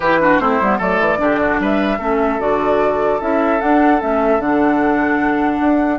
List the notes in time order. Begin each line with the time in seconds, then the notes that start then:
0.00 E3 E4 G4 B4
0.20 D4 F#4
0.39 A3 C4 E4 C5
0.61 G3 B3
0.78 F#3 A3 A4 D5
0.99 E3
1.18 D3 D4 G4
1.40 F#4
1.59 G3 B4 E5
1.98 A3 C#4 A4
2.39 D3 F#4 D5
3.20 C#4 E4 E5
3.59 D4 F#5
4.00 A3 C#4 E5
4.39 D3 D4 F#5
5.60 D4